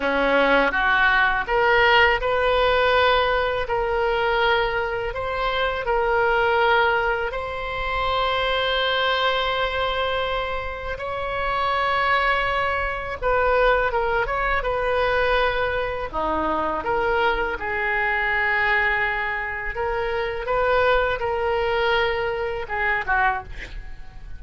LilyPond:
\new Staff \with { instrumentName = "oboe" } { \time 4/4 \tempo 4 = 82 cis'4 fis'4 ais'4 b'4~ | b'4 ais'2 c''4 | ais'2 c''2~ | c''2. cis''4~ |
cis''2 b'4 ais'8 cis''8 | b'2 dis'4 ais'4 | gis'2. ais'4 | b'4 ais'2 gis'8 fis'8 | }